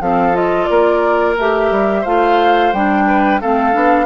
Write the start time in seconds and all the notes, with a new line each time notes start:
0.00 F3 C4 A4 F5
0.33 F4 D#5
0.66 A#3 A#4 D5
1.37 A3 G4 E5
1.70 G3
2.01 A3 F4 C5 F5
2.72 G3 D4 G5
3.06 B4
3.41 A3 C4 A4 F5
3.72 B3 D4